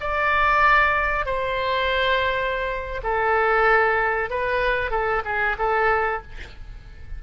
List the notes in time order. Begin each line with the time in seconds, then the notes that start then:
0.00 D5
1.25 C5
3.03 A4
4.30 B4
4.90 A4
5.24 G#4
5.58 A4